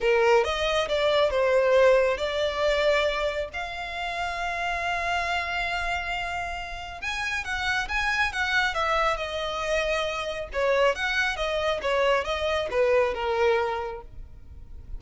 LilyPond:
\new Staff \with { instrumentName = "violin" } { \time 4/4 \tempo 4 = 137 ais'4 dis''4 d''4 c''4~ | c''4 d''2. | f''1~ | f''1 |
gis''4 fis''4 gis''4 fis''4 | e''4 dis''2. | cis''4 fis''4 dis''4 cis''4 | dis''4 b'4 ais'2 | }